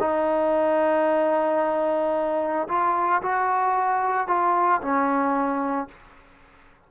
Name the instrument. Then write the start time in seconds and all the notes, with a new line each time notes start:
trombone
0.00 D#4
2.68 F4
3.22 F#4
4.27 F4
4.81 C#4